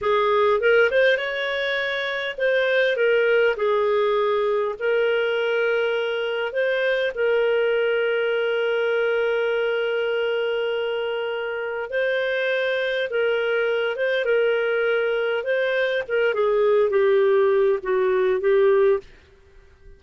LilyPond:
\new Staff \with { instrumentName = "clarinet" } { \time 4/4 \tempo 4 = 101 gis'4 ais'8 c''8 cis''2 | c''4 ais'4 gis'2 | ais'2. c''4 | ais'1~ |
ais'1 | c''2 ais'4. c''8 | ais'2 c''4 ais'8 gis'8~ | gis'8 g'4. fis'4 g'4 | }